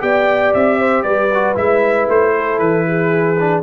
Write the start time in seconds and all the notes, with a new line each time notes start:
0.00 B3 G4 D5 G5
0.55 C4 E5
0.80 C5
1.03 G3 B4 D5
1.34 F#4
1.55 G#3 E4 E5
2.09 A3 C5
2.37 A4
2.59 E3 B4
2.87 G#4
3.40 D4